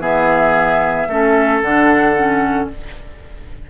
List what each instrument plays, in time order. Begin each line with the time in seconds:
0.00 bassoon E3, clarinet B3, oboe G#4, flute E5
1.09 bassoon A3, clarinet C#4, oboe A4
1.61 bassoon D3, clarinet D4, flute F#5
2.17 clarinet C#4